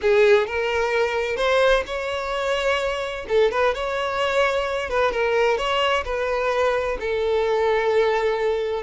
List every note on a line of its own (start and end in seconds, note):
0.01 0.46 G#4
0.46 1.36 A#4
1.36 1.83 C5
1.86 3.26 C#5
3.28 3.51 A4
3.51 3.74 B4
3.74 4.89 C#5
4.89 5.11 B4
5.11 5.57 A#4
5.57 6.04 C#5
6.04 6.97 B4
6.99 8.82 A4